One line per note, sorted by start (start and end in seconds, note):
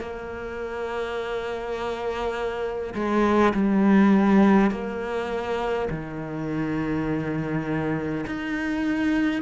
0.00 2.94 A#3
2.94 3.53 G#3
3.53 4.71 G3
4.71 5.88 A#3
5.90 8.25 D#3
8.26 9.42 D#4